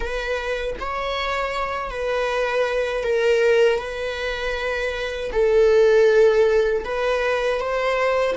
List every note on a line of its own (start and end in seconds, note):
0.00 0.76 B4
0.79 1.90 C#5
1.90 3.03 B4
3.03 3.78 A#4
3.78 5.30 B4
5.32 6.84 A4
6.84 7.60 B4
7.60 8.36 C5